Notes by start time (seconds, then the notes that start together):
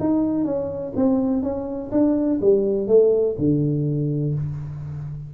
0.00 D#4
0.45 C#4
0.96 C4
1.43 C#4
1.92 D4
2.41 G3
2.88 A3
3.38 D3